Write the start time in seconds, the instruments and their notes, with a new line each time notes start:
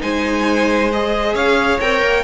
0.00 cello G#3, viola D#4, violin C5 G#5
0.92 viola G#4, violin D#5
1.34 cello C#4, violin C#5 F5
1.80 cello C4, viola A#4, violin G5
2.01 cello A#3